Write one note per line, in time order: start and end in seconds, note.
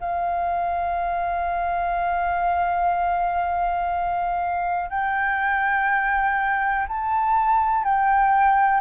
0.00 4.90 F5
4.90 6.86 G5
6.88 7.84 A5
7.84 8.80 G5